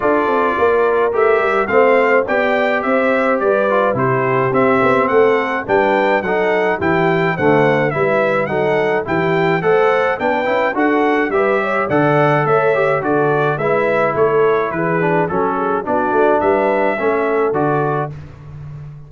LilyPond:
<<
  \new Staff \with { instrumentName = "trumpet" } { \time 4/4 \tempo 4 = 106 d''2 e''4 f''4 | g''4 e''4 d''4 c''4 | e''4 fis''4 g''4 fis''4 | g''4 fis''4 e''4 fis''4 |
g''4 fis''4 g''4 fis''4 | e''4 fis''4 e''4 d''4 | e''4 cis''4 b'4 a'4 | d''4 e''2 d''4 | }
  \new Staff \with { instrumentName = "horn" } { \time 4/4 a'4 ais'2 c''4 | d''4 c''4 b'4 g'4~ | g'4 a'4 b'4 a'4 | g'4 c''4 b'4 a'4 |
g'4 c''4 b'4 a'4 | b'8 cis''8 d''4 cis''4 a'4 | b'4 a'4 gis'4 a'8 gis'8 | fis'4 b'4 a'2 | }
  \new Staff \with { instrumentName = "trombone" } { \time 4/4 f'2 g'4 c'4 | g'2~ g'8 f'8 e'4 | c'2 d'4 dis'4 | e'4 a4 e'4 dis'4 |
e'4 a'4 d'8 e'8 fis'4 | g'4 a'4. g'8 fis'4 | e'2~ e'8 d'8 cis'4 | d'2 cis'4 fis'4 | }
  \new Staff \with { instrumentName = "tuba" } { \time 4/4 d'8 c'8 ais4 a8 g8 a4 | b4 c'4 g4 c4 | c'8 b8 a4 g4 fis4 | e4 d4 g4 fis4 |
e4 a4 b8 cis'8 d'4 | g4 d4 a4 d4 | gis4 a4 e4 fis4 | b8 a8 g4 a4 d4 | }
>>